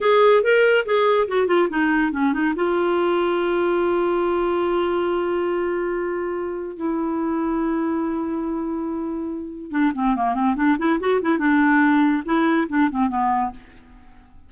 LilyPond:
\new Staff \with { instrumentName = "clarinet" } { \time 4/4 \tempo 4 = 142 gis'4 ais'4 gis'4 fis'8 f'8 | dis'4 cis'8 dis'8 f'2~ | f'1~ | f'1 |
e'1~ | e'2. d'8 c'8 | ais8 c'8 d'8 e'8 fis'8 e'8 d'4~ | d'4 e'4 d'8 c'8 b4 | }